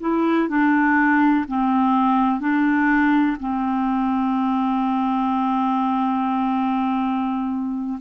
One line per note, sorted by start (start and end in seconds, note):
0.00 0.48 E4
0.49 1.46 D4
1.48 2.40 C4
2.40 3.37 D4
3.40 7.99 C4